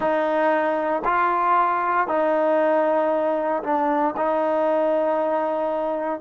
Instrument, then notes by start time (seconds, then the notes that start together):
trombone
0.00 D#4
1.04 F4
2.07 D#4
3.63 D4
4.17 D#4